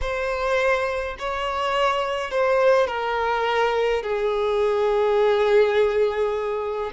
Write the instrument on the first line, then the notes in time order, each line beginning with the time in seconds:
violin
0.01 C5
1.18 C#5
2.31 C5
2.87 A#4
4.02 G#4